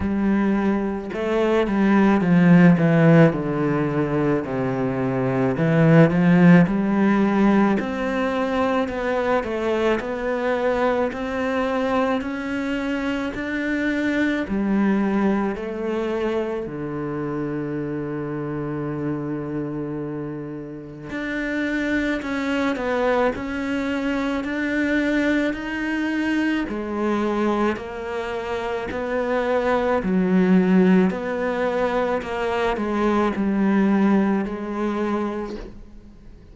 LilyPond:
\new Staff \with { instrumentName = "cello" } { \time 4/4 \tempo 4 = 54 g4 a8 g8 f8 e8 d4 | c4 e8 f8 g4 c'4 | b8 a8 b4 c'4 cis'4 | d'4 g4 a4 d4~ |
d2. d'4 | cis'8 b8 cis'4 d'4 dis'4 | gis4 ais4 b4 fis4 | b4 ais8 gis8 g4 gis4 | }